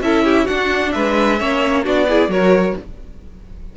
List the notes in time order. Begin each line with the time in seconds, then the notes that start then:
0.00 C#4 E4 A4 E5
0.24 G4
0.44 D4 F#4 F#5
0.91 G#3 B4 E5
1.38 A#3 C#4 C#5
1.84 B3 D4 F#4 D5
2.08 E4 G#4
2.27 F#3 F#4 A#4 C#5